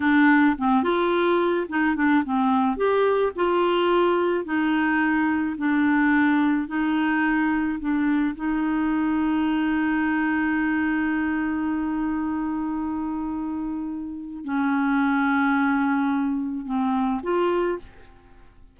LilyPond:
\new Staff \with { instrumentName = "clarinet" } { \time 4/4 \tempo 4 = 108 d'4 c'8 f'4. dis'8 d'8 | c'4 g'4 f'2 | dis'2 d'2 | dis'2 d'4 dis'4~ |
dis'1~ | dis'1~ | dis'2 cis'2~ | cis'2 c'4 f'4 | }